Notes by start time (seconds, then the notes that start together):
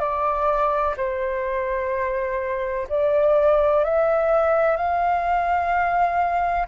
0.00 D5
0.97 C5
2.90 D5
3.85 E5
4.77 F5